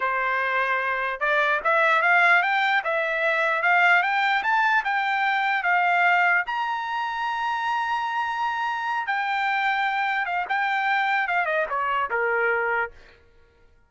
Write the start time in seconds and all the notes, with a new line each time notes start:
0.00 C5
1.20 D5
1.64 E5
2.02 F5
2.42 G5
2.84 E5
3.62 F5
4.02 G5
4.43 A5
4.84 G5
5.63 F5
6.46 A#5
9.06 G5
10.25 F5
10.48 G5
11.27 F5
11.45 D#5
11.69 C#5
12.10 A#4